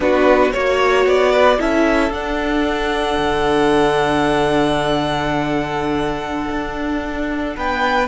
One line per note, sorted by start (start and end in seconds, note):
0.00 0.52 B3
0.00 0.52 D4
0.00 0.53 F#4
0.00 0.51 B4
0.51 1.05 A#3
0.51 1.58 F#4
0.51 1.04 C#5
0.51 1.32 C#5
1.05 1.58 B3
1.05 1.59 D5
1.32 1.58 B4
1.58 2.10 C#4
1.58 2.11 E4
1.58 7.56 A4
1.58 2.12 E5
2.10 3.16 D4
2.10 8.08 D4
2.10 7.56 F#5
3.17 6.49 D3
6.50 7.56 D4
7.56 8.08 B3
7.56 8.08 B4
7.56 8.08 G5